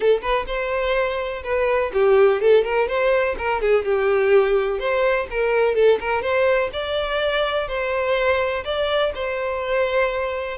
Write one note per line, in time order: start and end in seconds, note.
0.00 0.21 A4
0.21 0.45 B4
0.47 1.43 C5
1.43 1.91 B4
1.93 2.41 G4
2.41 2.64 A4
2.64 2.88 A#4
2.88 3.36 C5
3.38 3.61 A#4
3.61 3.84 G#4
3.84 4.79 G4
4.79 5.27 C5
5.30 5.74 A#4
5.74 5.98 A4
6.00 6.22 A#4
6.22 6.70 C5
6.72 7.68 D5
7.68 8.64 C5
8.64 9.12 D5
9.14 10.57 C5